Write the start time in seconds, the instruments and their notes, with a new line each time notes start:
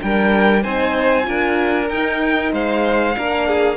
0.00 cello G3, horn D4, violin A#4 G5
0.63 cello C4, horn D#4, violin C5 G#5
1.23 cello D4, horn F4, violin A#4
1.89 cello D#4, horn D#4, violin G5
2.53 cello G#3, violin C5 F5
3.15 cello A#3, horn D4, violin A#4
3.48 violin G#4